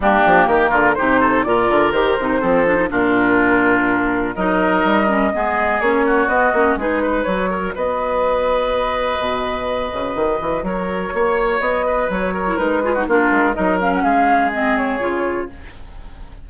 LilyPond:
<<
  \new Staff \with { instrumentName = "flute" } { \time 4/4 \tempo 4 = 124 g'4 ais'4 c''4 d''4 | c''2 ais'2~ | ais'4 dis''2. | cis''4 dis''4 b'4 cis''4 |
dis''1~ | dis''2 cis''2 | dis''4 cis''4 b'4 ais'4 | dis''8 f''16 fis''16 f''4 dis''8 cis''4. | }
  \new Staff \with { instrumentName = "oboe" } { \time 4/4 d'4 g'8 f'8 g'8 a'8 ais'4~ | ais'4 a'4 f'2~ | f'4 ais'2 gis'4~ | gis'8 fis'4. gis'8 b'4 ais'8 |
b'1~ | b'2 ais'4 cis''4~ | cis''8 b'4 ais'4 gis'16 fis'16 f'4 | ais'4 gis'2. | }
  \new Staff \with { instrumentName = "clarinet" } { \time 4/4 ais2 dis'4 f'4 | g'8 dis'8 c'8 d'16 dis'16 d'2~ | d'4 dis'4. cis'8 b4 | cis'4 b8 cis'8 dis'4 fis'4~ |
fis'1~ | fis'1~ | fis'4.~ fis'16 e'16 dis'8 f'16 dis'16 d'4 | dis'8 cis'4. c'4 f'4 | }
  \new Staff \with { instrumentName = "bassoon" } { \time 4/4 g8 f8 dis8 d8 c4 ais,8 d8 | dis8 c8 f4 ais,2~ | ais,4 fis4 g4 gis4 | ais4 b8 ais8 gis4 fis4 |
b2. b,4~ | b,8 cis8 dis8 e8 fis4 ais4 | b4 fis4 gis4 ais8 gis8 | fis4 gis2 cis4 | }
>>